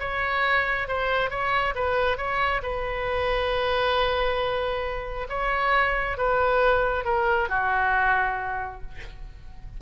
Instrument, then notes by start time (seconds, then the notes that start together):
oboe
0.00 C#5
0.88 C5
1.30 C#5
1.75 B4
2.18 C#5
2.63 B4
5.29 C#5
6.18 B4
7.05 A#4
7.49 F#4